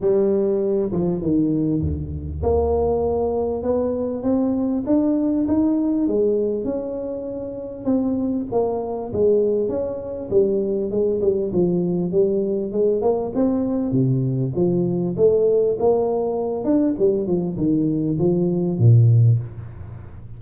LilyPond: \new Staff \with { instrumentName = "tuba" } { \time 4/4 \tempo 4 = 99 g4. f8 dis4 d,4 | ais2 b4 c'4 | d'4 dis'4 gis4 cis'4~ | cis'4 c'4 ais4 gis4 |
cis'4 g4 gis8 g8 f4 | g4 gis8 ais8 c'4 c4 | f4 a4 ais4. d'8 | g8 f8 dis4 f4 ais,4 | }